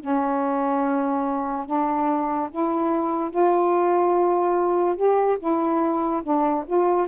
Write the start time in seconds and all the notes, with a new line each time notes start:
0.00 C#4
1.66 D4
2.50 E4
3.30 F4
4.96 G4
5.39 E4
6.23 D4
6.66 F4